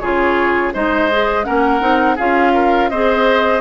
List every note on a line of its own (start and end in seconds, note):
0.00 0.74 C#3
0.00 0.74 F4
0.00 0.74 G#4
0.00 0.72 C#5
0.74 1.47 G#3
0.74 1.10 D#4
0.74 1.46 C5
0.74 1.45 D#5
1.12 1.45 G#4
1.45 1.82 A#3
1.45 1.81 C#4
1.45 2.16 A#4
1.45 2.17 F#5
1.81 2.18 C4
1.81 2.17 D#4
2.16 2.91 C#4
2.16 2.92 F4
2.16 2.52 G#4
2.16 2.90 F5
2.54 2.91 A#4
2.90 3.62 C4
2.90 3.62 G#4
2.90 3.62 C5
2.90 3.62 D#5